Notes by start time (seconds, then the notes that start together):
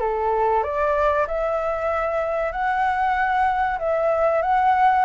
0.00 A4
0.63 D5
1.27 E5
2.52 F#5
3.79 E5
4.42 F#5